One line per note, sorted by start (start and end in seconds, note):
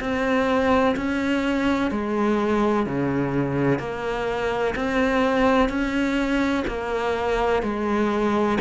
0.00 0.95 C4
0.96 1.91 C#4
1.91 2.86 G#3
2.86 3.79 C#3
3.79 4.74 A#3
4.75 5.69 C4
5.69 6.64 C#4
6.68 7.63 A#3
7.63 8.58 G#3